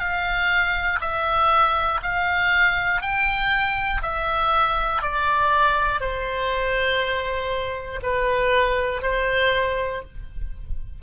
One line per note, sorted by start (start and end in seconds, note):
0.00 1.00 F5
1.01 2.01 E5
2.02 3.02 F5
3.02 4.02 G5
4.02 5.02 E5
5.02 6.00 D5
6.00 8.00 C5
8.03 9.02 B4
9.02 10.02 C5